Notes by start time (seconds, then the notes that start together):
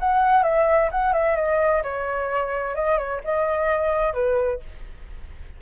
0.00 F#5
0.43 E5
0.91 F#5
1.13 E5
1.36 D#5
1.83 C#5
2.75 D#5
2.98 C#5
3.24 D#5
4.13 B4